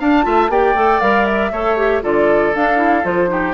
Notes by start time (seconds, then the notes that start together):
0.00 D4 F5 A5
0.24 A3 F4 E5
0.49 A#3 G4 D5 G5
0.75 A3 A4
1.01 G3 A#4 F5
1.26 E5
1.52 A3 A4 C#5
1.77 G4
2.03 D3 F4 A4 D5
2.55 D4 F5
2.77 E4
3.04 F3 F4 C5
3.28 D#4 G4